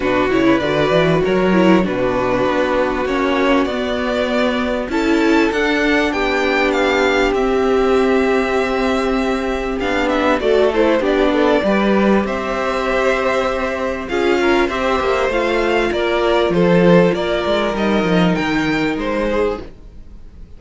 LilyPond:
<<
  \new Staff \with { instrumentName = "violin" } { \time 4/4 \tempo 4 = 98 b'8 cis''8 d''4 cis''4 b'4~ | b'4 cis''4 d''2 | a''4 fis''4 g''4 f''4 | e''1 |
f''8 e''8 d''8 c''8 d''2 | e''2. f''4 | e''4 f''4 d''4 c''4 | d''4 dis''4 g''4 c''4 | }
  \new Staff \with { instrumentName = "violin" } { \time 4/4 fis'8. b'4~ b'16 ais'4 fis'4~ | fis'1 | a'2 g'2~ | g'1~ |
g'4 a'4 g'8 a'8 b'4 | c''2. gis'8 ais'8 | c''2 ais'4 a'4 | ais'2.~ ais'8 gis'8 | }
  \new Staff \with { instrumentName = "viola" } { \time 4/4 d'8 e'8 fis'4. e'8 d'4~ | d'4 cis'4 b2 | e'4 d'2. | c'1 |
d'4 fis'8 e'8 d'4 g'4~ | g'2. f'4 | g'4 f'2.~ | f'4 dis'2. | }
  \new Staff \with { instrumentName = "cello" } { \time 4/4 b,8 cis8 d8 e8 fis4 b,4 | b4 ais4 b2 | cis'4 d'4 b2 | c'1 |
b4 a4 b4 g4 | c'2. cis'4 | c'8 ais8 a4 ais4 f4 | ais8 gis8 g8 f8 dis4 gis4 | }
>>